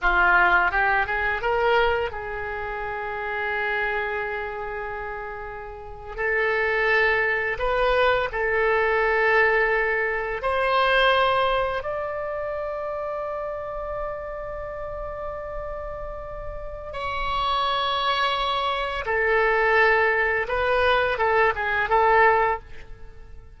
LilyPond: \new Staff \with { instrumentName = "oboe" } { \time 4/4 \tempo 4 = 85 f'4 g'8 gis'8 ais'4 gis'4~ | gis'1~ | gis'8. a'2 b'4 a'16~ | a'2~ a'8. c''4~ c''16~ |
c''8. d''2.~ d''16~ | d''1 | cis''2. a'4~ | a'4 b'4 a'8 gis'8 a'4 | }